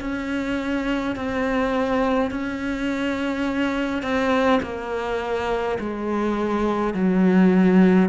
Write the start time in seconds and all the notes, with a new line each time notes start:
0.00 C#4
1.16 C4
2.31 C#4
4.02 C4
4.63 A#3
5.80 G#3
6.94 F#3